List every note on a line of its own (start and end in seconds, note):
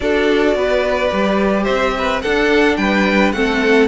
0.00 0.54 D4
0.00 1.09 F#4
0.00 0.57 A4
0.00 1.64 D5
0.54 1.10 B3
0.54 1.63 B4
1.09 1.67 G3
1.09 2.20 G4
1.63 2.23 C4
1.63 1.91 C5
1.63 2.19 E5
1.98 2.22 B4
2.22 3.34 D4
2.22 2.77 D4
2.22 2.77 A4
2.22 2.76 F#5
2.76 3.32 G3
2.76 3.34 B4
2.76 3.31 G5
3.32 3.87 A3
3.32 3.87 C4
3.32 3.87 A4
3.32 3.87 F#5